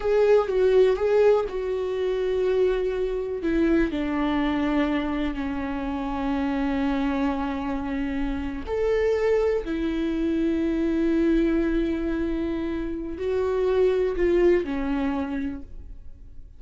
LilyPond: \new Staff \with { instrumentName = "viola" } { \time 4/4 \tempo 4 = 123 gis'4 fis'4 gis'4 fis'4~ | fis'2. e'4 | d'2. cis'4~ | cis'1~ |
cis'4.~ cis'16 a'2 e'16~ | e'1~ | e'2. fis'4~ | fis'4 f'4 cis'2 | }